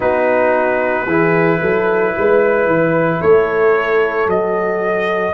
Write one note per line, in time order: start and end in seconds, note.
0.00 1.06 B3
0.00 1.06 D#4
0.00 1.06 F#4
0.00 3.21 B4
1.06 1.60 E3
1.06 4.28 E4
1.06 1.60 G#4
1.61 2.15 F#3
1.61 2.15 A4
2.15 2.66 G#3
2.15 3.20 B4
2.66 3.19 E3
3.20 4.26 A3
3.20 5.34 A4
3.20 4.28 C#5
4.26 5.33 F#3
4.26 5.34 F#4
4.26 5.34 D#5